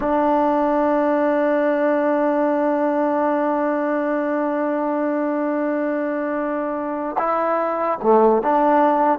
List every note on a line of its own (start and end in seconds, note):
0.00 7.16 D4
7.18 7.98 E4
8.02 8.42 A3
8.42 9.19 D4